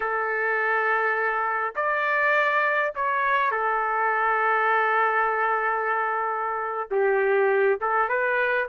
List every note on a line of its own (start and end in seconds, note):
0.00 1.74 A4
1.75 2.93 D5
2.95 3.51 C#5
3.51 6.89 A4
6.91 7.79 G4
7.80 8.09 A4
8.09 8.67 B4